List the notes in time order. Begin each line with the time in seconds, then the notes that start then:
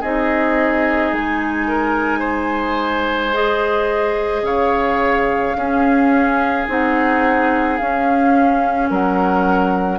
0.00 C4 D#4 G#4 D#5
1.12 G#3 G#5
1.67 A#4
2.19 C5
3.33 G#4 D#5
4.42 C#3 C#5 F5
5.55 C#4 G#4
6.68 C4 D#4 F#5
7.77 C#4 F5
8.89 F#3 A#4 F#5